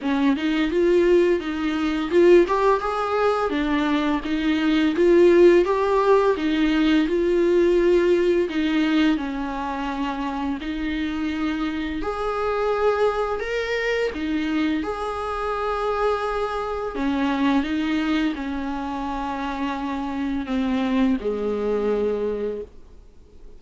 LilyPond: \new Staff \with { instrumentName = "viola" } { \time 4/4 \tempo 4 = 85 cis'8 dis'8 f'4 dis'4 f'8 g'8 | gis'4 d'4 dis'4 f'4 | g'4 dis'4 f'2 | dis'4 cis'2 dis'4~ |
dis'4 gis'2 ais'4 | dis'4 gis'2. | cis'4 dis'4 cis'2~ | cis'4 c'4 gis2 | }